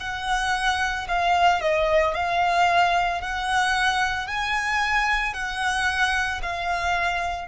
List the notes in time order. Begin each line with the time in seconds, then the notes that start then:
0.00 F#5
1.09 F5
1.61 D#5
2.15 F5
3.21 F#5
4.28 G#5
5.34 F#5
6.42 F5